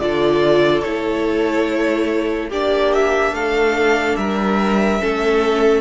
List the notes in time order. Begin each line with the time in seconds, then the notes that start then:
0.00 D3 F4 A4 D5
0.83 A3 E4 C#5
2.49 A#3 D4 G4 D5
2.94 E5
3.32 A3 A4 F5
4.16 G3 A#4 E5
5.01 A3 C#4 A4